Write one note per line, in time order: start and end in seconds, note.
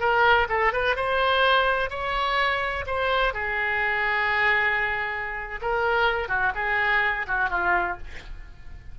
0.00 0.48 A#4
0.49 0.73 A4
0.73 0.96 B4
0.96 1.90 C5
1.90 2.85 C#5
2.86 3.34 C5
3.34 5.60 G#4
5.62 6.29 A#4
6.29 6.52 F#4
6.55 7.26 G#4
7.27 7.50 F#4
7.50 7.97 F4